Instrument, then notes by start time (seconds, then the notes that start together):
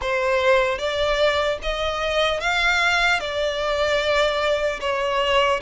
violin
0.01 C5
0.78 D5
1.62 D#5
2.40 F5
3.20 D5
4.80 C#5